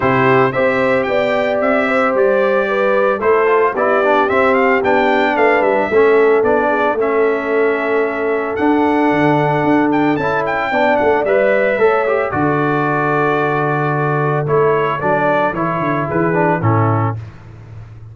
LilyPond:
<<
  \new Staff \with { instrumentName = "trumpet" } { \time 4/4 \tempo 4 = 112 c''4 e''4 g''4 e''4 | d''2 c''4 d''4 | e''8 f''8 g''4 f''8 e''4. | d''4 e''2. |
fis''2~ fis''8 g''8 a''8 g''8~ | g''8 fis''8 e''2 d''4~ | d''2. cis''4 | d''4 cis''4 b'4 a'4 | }
  \new Staff \with { instrumentName = "horn" } { \time 4/4 g'4 c''4 d''4. c''8~ | c''4 b'4 a'4 g'4~ | g'2 b'4 a'4~ | a'8 gis'8 a'2.~ |
a'1 | d''2 cis''4 a'4~ | a'1~ | a'2 gis'4 e'4 | }
  \new Staff \with { instrumentName = "trombone" } { \time 4/4 e'4 g'2.~ | g'2 e'8 f'8 e'8 d'8 | c'4 d'2 cis'4 | d'4 cis'2. |
d'2. e'4 | d'4 b'4 a'8 g'8 fis'4~ | fis'2. e'4 | d'4 e'4. d'8 cis'4 | }
  \new Staff \with { instrumentName = "tuba" } { \time 4/4 c4 c'4 b4 c'4 | g2 a4 b4 | c'4 b4 a8 g8 a4 | b4 a2. |
d'4 d4 d'4 cis'4 | b8 a8 g4 a4 d4~ | d2. a4 | fis4 e8 d8 e4 a,4 | }
>>